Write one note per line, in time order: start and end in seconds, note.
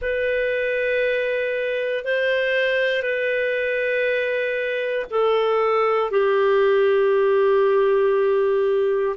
0.01 2.04 B4
2.04 3.02 C5
3.02 5.06 B4
5.10 6.10 A4
6.10 9.15 G4